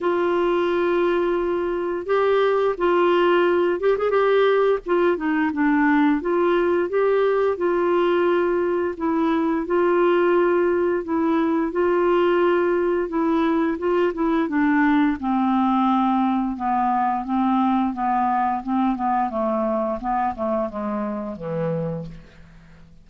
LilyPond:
\new Staff \with { instrumentName = "clarinet" } { \time 4/4 \tempo 4 = 87 f'2. g'4 | f'4. g'16 gis'16 g'4 f'8 dis'8 | d'4 f'4 g'4 f'4~ | f'4 e'4 f'2 |
e'4 f'2 e'4 | f'8 e'8 d'4 c'2 | b4 c'4 b4 c'8 b8 | a4 b8 a8 gis4 e4 | }